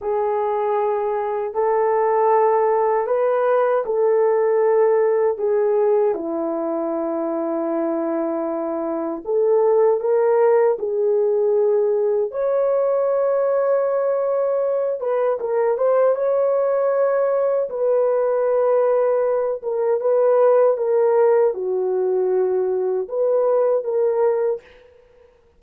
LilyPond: \new Staff \with { instrumentName = "horn" } { \time 4/4 \tempo 4 = 78 gis'2 a'2 | b'4 a'2 gis'4 | e'1 | a'4 ais'4 gis'2 |
cis''2.~ cis''8 b'8 | ais'8 c''8 cis''2 b'4~ | b'4. ais'8 b'4 ais'4 | fis'2 b'4 ais'4 | }